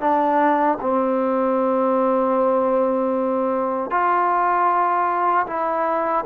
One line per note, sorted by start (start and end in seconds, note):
0.00 0.78 D4
0.80 3.90 C4
3.90 5.46 F4
5.46 6.24 E4